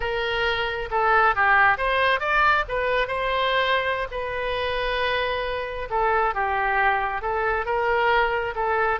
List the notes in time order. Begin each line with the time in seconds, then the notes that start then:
0.00 A#4
0.91 A4
1.35 G4
1.77 C5
2.20 D5
2.68 B4
3.07 C5
4.11 B4
5.90 A4
6.34 G4
7.21 A4
7.65 A#4
8.55 A4